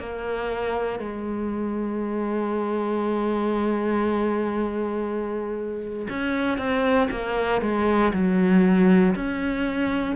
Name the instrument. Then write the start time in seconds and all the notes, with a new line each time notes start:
cello
0.00 A#3
0.99 G#3
6.10 C#4
6.58 C4
7.11 A#3
7.62 G#3
8.14 F#3
9.15 C#4